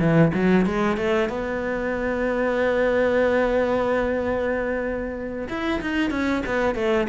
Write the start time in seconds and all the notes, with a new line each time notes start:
0.00 E3
0.34 F#3
0.66 G#3
0.97 A3
1.29 B3
5.49 E4
5.82 D#4
6.11 C#4
6.46 B3
6.76 A3